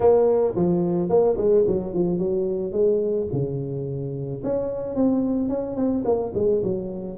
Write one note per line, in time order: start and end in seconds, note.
0.00 0.54 A#3
0.55 1.09 F3
1.09 1.36 A#3
1.37 1.64 G#3
1.66 1.93 F#3
1.93 2.18 F3
2.18 2.71 F#3
2.71 3.27 G#3
3.32 4.42 C#3
4.43 4.95 C#4
4.95 5.48 C4
5.48 5.75 C#4
5.75 6.03 C4
6.05 6.32 A#3
6.34 6.62 G#3
6.63 7.18 F#3